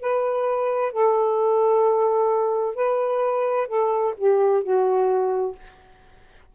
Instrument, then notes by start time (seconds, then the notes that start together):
saxophone
0.00 B4
0.92 A4
2.75 B4
3.67 A4
4.17 G4
4.63 F#4